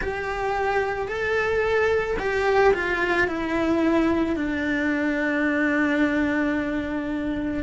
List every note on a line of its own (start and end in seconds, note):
0.01 1.08 G4
1.08 2.17 A4
2.19 2.73 G4
2.73 3.27 F4
3.27 4.36 E4
4.36 7.63 D4